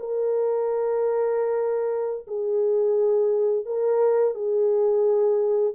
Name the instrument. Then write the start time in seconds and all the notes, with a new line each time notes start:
horn
0.00 A#4
2.28 G#4
3.66 A#4
4.35 G#4